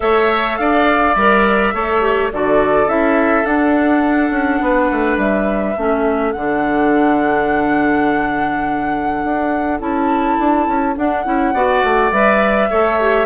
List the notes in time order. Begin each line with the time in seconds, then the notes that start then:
0.00 A3 A4 C#5 E5
0.57 D4 D5 F5
1.15 G3 A#4 E5
1.73 A3 A4 C#5
2.01 G4
2.33 D3 F#4 A4 D5
2.87 C#4 E4 E5
3.44 D4 F#5
4.30 C#4
4.60 B3 B4
4.91 A3
5.17 G3 E5
5.76 A3 C#4 A4
6.32 D3 D4 F#5
9.24 D4
9.79 C#4 E4 A5
10.38 D4
10.67 C#4
10.96 D4 F#5
11.24 C#4 E4
11.53 B3 F#4 D5
11.83 A3
12.11 G3 B4 E5
12.69 A3 A4 C#5
13.00 G4